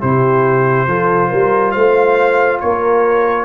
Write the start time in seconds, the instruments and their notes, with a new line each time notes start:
0.00 tuba C3, trombone E4, horn G4, trumpet C5
0.87 tuba F3, trombone F4, horn A4
1.29 tuba G3, horn A#4
1.71 tuba A3, horn C5, trumpet F5
2.59 tuba A#3, horn A#4, trumpet C#5